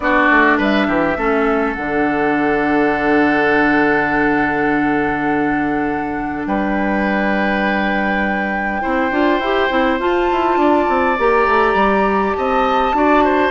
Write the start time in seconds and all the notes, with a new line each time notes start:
0.00 B3 D4 F#4 D5
0.30 A3
0.57 G3 B4 E5
0.87 E3 G4
1.16 A3 C#4 A4
1.73 D3 D4 F#5
6.46 G3 B4 G5
8.81 C4 E4 C5
9.11 D4 F4
9.39 E4 G4
9.69 C4 E4
9.99 F4 A5
10.32 E4
10.56 D4 D5
10.88 C4
11.18 A#3 G4 A#5
11.46 A3
11.74 G3
12.33 C4 D#5 A5
12.93 D4 F#4 D5
13.24 C5